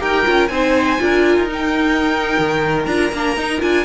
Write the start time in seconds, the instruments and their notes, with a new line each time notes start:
0.00 cello D#4, viola G4, violin A#4 G5
0.25 cello C#4, viola F4
0.48 cello C4, viola D#4, violin C5 G#5
0.99 cello D4, viola F4, violin A#4
1.37 cello D#4
1.48 viola D#4, violin G5
2.39 cello D#3
2.85 cello D4, viola F4, violin A#5
3.12 cello A#3, viola D4
3.37 cello D#4, viola D#4
3.60 cello D4, viola F4, violin G#5